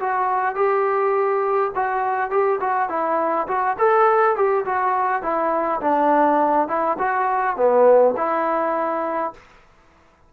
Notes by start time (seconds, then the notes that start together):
0.00 F#4
0.55 G4
1.75 F#4
2.30 G4
2.61 F#4
2.89 E4
3.48 F#4
3.78 A4
4.36 G4
4.65 F#4
5.22 E4
5.81 D4
6.68 E4
6.98 F#4
7.56 B3
8.17 E4